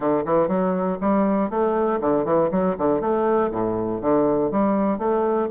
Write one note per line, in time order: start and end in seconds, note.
0.00 0.23 D3
0.25 0.47 E3
0.47 0.97 F#3
1.00 1.50 G3
1.50 2.00 A3
2.00 2.24 D3
2.24 2.49 E3
2.51 2.76 F#3
2.77 3.00 D3
3.00 3.50 A3
3.51 4.01 A2
4.01 4.51 D3
4.51 4.98 G3
4.98 5.48 A3